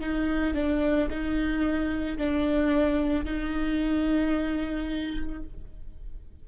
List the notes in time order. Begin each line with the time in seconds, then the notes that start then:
0.00 D#4
0.54 D4
1.10 D#4
2.17 D4
3.24 D#4